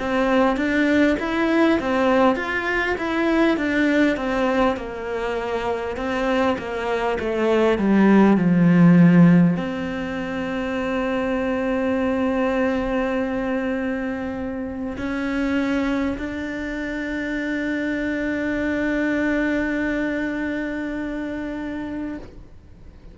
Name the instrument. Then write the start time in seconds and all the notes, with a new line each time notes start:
cello
0.00 C4
0.57 D4
1.20 E4
1.80 C4
2.36 F4
2.98 E4
3.58 D4
4.17 C4
4.77 A#3
5.97 C4
6.58 A#3
7.20 A3
7.79 G3
8.37 F3
9.57 C4
14.98 C#4
16.18 D4